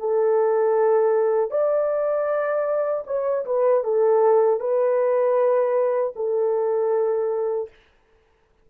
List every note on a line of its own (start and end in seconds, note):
0.00 1.51 A4
1.51 3.05 D5
3.07 3.45 C#5
3.45 3.84 B4
3.84 4.60 A4
4.60 6.14 B4
6.16 7.70 A4